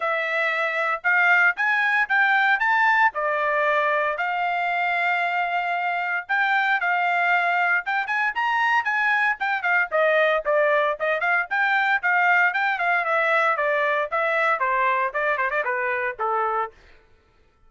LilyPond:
\new Staff \with { instrumentName = "trumpet" } { \time 4/4 \tempo 4 = 115 e''2 f''4 gis''4 | g''4 a''4 d''2 | f''1 | g''4 f''2 g''8 gis''8 |
ais''4 gis''4 g''8 f''8 dis''4 | d''4 dis''8 f''8 g''4 f''4 | g''8 f''8 e''4 d''4 e''4 | c''4 d''8 c''16 d''16 b'4 a'4 | }